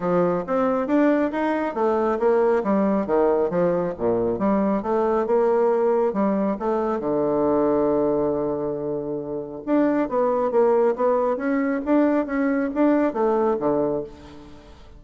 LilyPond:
\new Staff \with { instrumentName = "bassoon" } { \time 4/4 \tempo 4 = 137 f4 c'4 d'4 dis'4 | a4 ais4 g4 dis4 | f4 ais,4 g4 a4 | ais2 g4 a4 |
d1~ | d2 d'4 b4 | ais4 b4 cis'4 d'4 | cis'4 d'4 a4 d4 | }